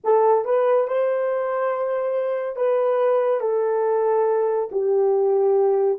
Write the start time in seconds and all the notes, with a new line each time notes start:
0.04 A4
0.44 B4
0.87 C5
2.56 B4
3.40 A4
4.71 G4